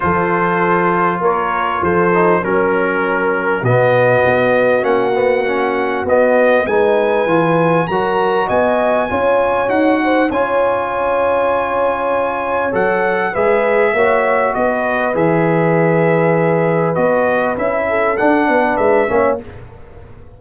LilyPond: <<
  \new Staff \with { instrumentName = "trumpet" } { \time 4/4 \tempo 4 = 99 c''2 cis''4 c''4 | ais'2 dis''2 | fis''2 dis''4 gis''4~ | gis''4 ais''4 gis''2 |
fis''4 gis''2.~ | gis''4 fis''4 e''2 | dis''4 e''2. | dis''4 e''4 fis''4 e''4 | }
  \new Staff \with { instrumentName = "horn" } { \time 4/4 a'2 ais'4 a'4 | ais'2 fis'2~ | fis'2. b'4~ | b'4 ais'4 dis''4 cis''4~ |
cis''8 c''8 cis''2.~ | cis''2 b'4 cis''4 | b'1~ | b'4. a'4 b'4 cis''8 | }
  \new Staff \with { instrumentName = "trombone" } { \time 4/4 f'2.~ f'8 dis'8 | cis'2 b2 | cis'8 b8 cis'4 b4 dis'4 | f'4 fis'2 f'4 |
fis'4 f'2.~ | f'4 a'4 gis'4 fis'4~ | fis'4 gis'2. | fis'4 e'4 d'4. cis'8 | }
  \new Staff \with { instrumentName = "tuba" } { \time 4/4 f2 ais4 f4 | fis2 b,4 b4 | ais2 b4 gis4 | e4 fis4 b4 cis'4 |
dis'4 cis'2.~ | cis'4 fis4 gis4 ais4 | b4 e2. | b4 cis'4 d'8 b8 gis8 ais8 | }
>>